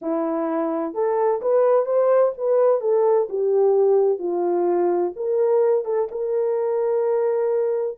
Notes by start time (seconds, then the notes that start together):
0.01 E4
0.94 A4
1.41 B4
1.85 C5
2.37 B4
2.81 A4
3.29 G4
4.18 F4
5.15 A#4
5.85 A4
6.11 A#4